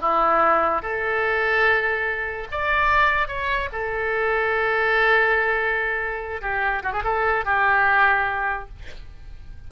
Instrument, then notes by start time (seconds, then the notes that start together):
oboe
0.00 E4
0.82 A4
2.51 D5
3.28 C#5
3.72 A4
6.41 G4
6.83 F#4
6.93 G#4
7.04 A4
7.45 G4